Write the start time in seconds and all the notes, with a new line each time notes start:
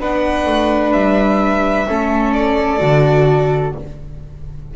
0.00 B3 D4 B4 F#5
0.46 A3
0.93 G3 E5
1.88 A3 C#4 A4
2.33 D5
2.79 D3 F#4